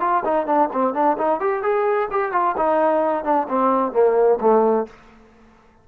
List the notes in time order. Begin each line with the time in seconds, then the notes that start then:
0.00 F4
0.24 D#4
0.46 D4
0.72 C4
0.93 D4
1.17 D#4
1.40 G4
1.62 G#4
2.11 G4
2.32 F4
2.57 D#4
3.24 D4
3.48 C4
3.92 A#3
4.40 A3